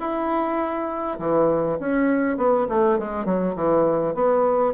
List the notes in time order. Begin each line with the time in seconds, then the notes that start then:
0.00 E4
1.19 E3
1.80 C#4
2.37 B3
2.69 A3
2.99 G#3
3.26 F#3
3.56 E3
4.15 B3